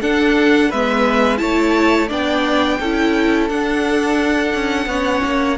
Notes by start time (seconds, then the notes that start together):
0.00 D4 A4 F#5
0.69 G#3 B3 B4 E5
1.37 A3 E4 C#5 A5
2.08 B3 D4 D5 G5
2.79 C#4 E4 A4
3.48 D4 F#5
4.54 C#4
4.86 B3 C#4 C#5
5.24 A#3